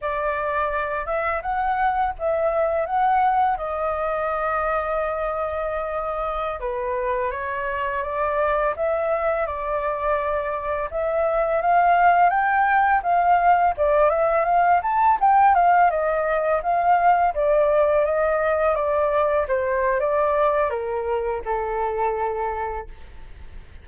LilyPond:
\new Staff \with { instrumentName = "flute" } { \time 4/4 \tempo 4 = 84 d''4. e''8 fis''4 e''4 | fis''4 dis''2.~ | dis''4~ dis''16 b'4 cis''4 d''8.~ | d''16 e''4 d''2 e''8.~ |
e''16 f''4 g''4 f''4 d''8 e''16~ | e''16 f''8 a''8 g''8 f''8 dis''4 f''8.~ | f''16 d''4 dis''4 d''4 c''8. | d''4 ais'4 a'2 | }